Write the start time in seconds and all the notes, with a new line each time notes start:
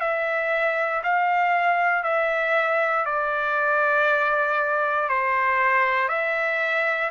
0.00 E5
1.03 F5
2.03 E5
3.05 D5
5.09 C5
6.08 E5